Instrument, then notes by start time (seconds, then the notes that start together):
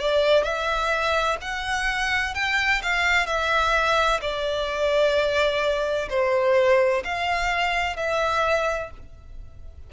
violin
0.00 D5
0.44 E5
1.41 F#5
2.35 G5
2.83 F5
3.27 E5
4.21 D5
6.10 C5
7.04 F5
7.97 E5